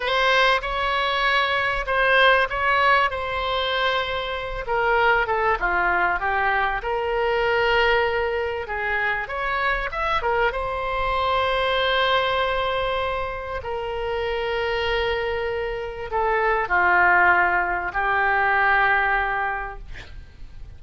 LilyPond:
\new Staff \with { instrumentName = "oboe" } { \time 4/4 \tempo 4 = 97 c''4 cis''2 c''4 | cis''4 c''2~ c''8 ais'8~ | ais'8 a'8 f'4 g'4 ais'4~ | ais'2 gis'4 cis''4 |
e''8 ais'8 c''2.~ | c''2 ais'2~ | ais'2 a'4 f'4~ | f'4 g'2. | }